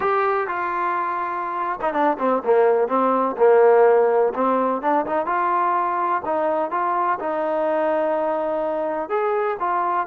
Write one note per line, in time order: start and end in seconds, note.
0.00 0.47 G4
0.47 1.79 F4
1.81 1.93 D#4
1.93 2.17 D4
2.18 2.42 C4
2.44 2.88 A#3
2.88 3.36 C4
3.37 4.33 A#3
4.34 4.81 C4
4.81 5.05 D4
5.06 5.26 D#4
5.26 6.22 F4
6.25 6.71 D#4
6.71 7.19 F4
7.19 9.09 D#4
9.09 9.57 G#4
9.59 10.06 F4